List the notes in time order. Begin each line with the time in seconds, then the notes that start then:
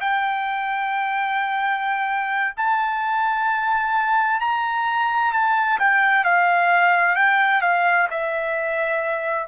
0.00 G5
2.56 A5
4.40 A#5
5.32 A5
5.79 G5
6.24 F5
7.15 G5
7.62 F5
8.10 E5